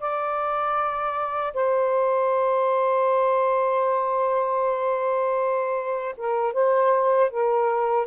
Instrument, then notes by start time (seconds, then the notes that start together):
saxophone
0.00 D5
1.54 C5
6.17 A#4
6.54 C5
7.31 A#4